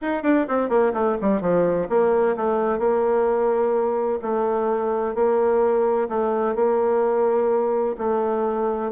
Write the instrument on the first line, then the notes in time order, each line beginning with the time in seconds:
bassoon
0.01 D#4
0.23 D4
0.48 C4
0.69 A#3
0.93 A3
1.21 G3
1.41 F3
1.89 A#3
2.36 A3
2.78 A#3
4.21 A3
5.14 A#3
6.09 A3
6.55 A#3
7.98 A3